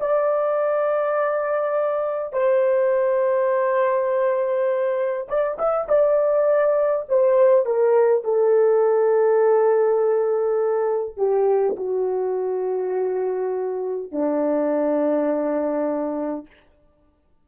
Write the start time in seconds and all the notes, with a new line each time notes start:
0.00 D5
2.33 C5
5.28 D5
5.58 E5
5.88 D5
7.09 C5
7.65 A#4
8.24 A4
11.17 G4
11.76 F#4
14.12 D4